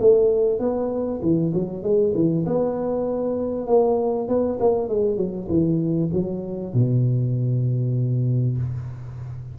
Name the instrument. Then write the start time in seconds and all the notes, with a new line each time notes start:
tuba
0.00 A3
0.60 B3
1.22 E3
1.54 F#3
1.83 G#3
2.15 E3
2.46 B3
3.67 A#3
4.28 B3
4.60 A#3
4.89 G#3
5.17 F#3
5.49 E3
6.13 F#3
6.74 B2